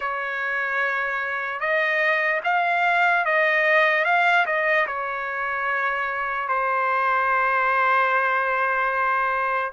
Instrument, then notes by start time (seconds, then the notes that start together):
trumpet
0.00 C#5
1.60 D#5
2.44 F5
3.25 D#5
4.05 F5
4.46 D#5
4.86 C#5
6.48 C5